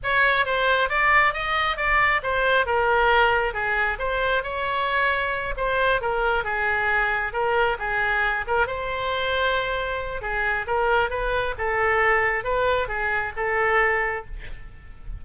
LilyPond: \new Staff \with { instrumentName = "oboe" } { \time 4/4 \tempo 4 = 135 cis''4 c''4 d''4 dis''4 | d''4 c''4 ais'2 | gis'4 c''4 cis''2~ | cis''8 c''4 ais'4 gis'4.~ |
gis'8 ais'4 gis'4. ais'8 c''8~ | c''2. gis'4 | ais'4 b'4 a'2 | b'4 gis'4 a'2 | }